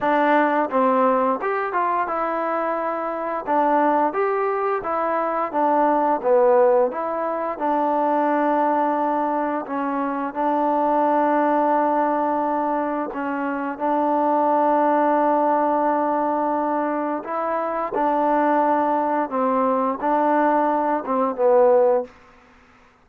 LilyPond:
\new Staff \with { instrumentName = "trombone" } { \time 4/4 \tempo 4 = 87 d'4 c'4 g'8 f'8 e'4~ | e'4 d'4 g'4 e'4 | d'4 b4 e'4 d'4~ | d'2 cis'4 d'4~ |
d'2. cis'4 | d'1~ | d'4 e'4 d'2 | c'4 d'4. c'8 b4 | }